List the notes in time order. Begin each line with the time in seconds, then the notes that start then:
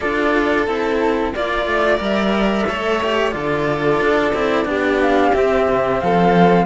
0.00 D4 F4 A4 D5
0.66 C4 E4 A4
1.33 A#3 F4 D5
1.66 A3
1.97 G3 A#4 E5
2.67 A3 A4 C#5
3.03 G4
3.31 D3 F4 A4 D5
4.00 D4
4.33 C4 E4
4.65 B3 D4 G4
5.01 F5
5.33 C4 E5
5.68 C3
5.99 F3 A4 F5